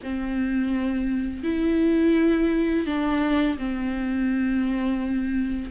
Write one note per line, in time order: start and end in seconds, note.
0.02 1.43 C4
1.43 2.86 E4
2.86 3.57 D4
3.57 5.71 C4